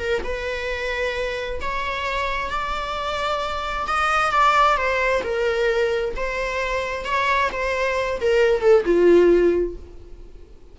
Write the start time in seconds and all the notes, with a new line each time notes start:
0.00 A#4
0.24 B4
1.61 C#5
2.51 D5
3.87 D#5
4.32 D5
4.77 C5
5.24 A#4
6.17 C5
7.05 C#5
7.52 C5
8.21 A#4
8.61 A4
8.85 F4